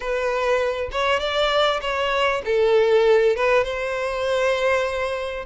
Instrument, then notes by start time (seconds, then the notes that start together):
violin
0.00 B4
0.91 C#5
1.19 D5
1.81 C#5
2.45 A4
3.36 B4
3.64 C5